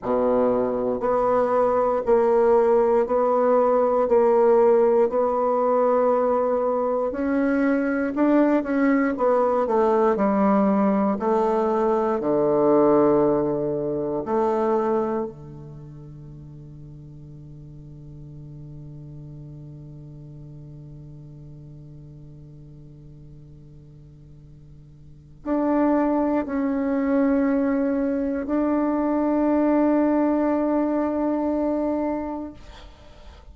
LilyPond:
\new Staff \with { instrumentName = "bassoon" } { \time 4/4 \tempo 4 = 59 b,4 b4 ais4 b4 | ais4 b2 cis'4 | d'8 cis'8 b8 a8 g4 a4 | d2 a4 d4~ |
d1~ | d1~ | d4 d'4 cis'2 | d'1 | }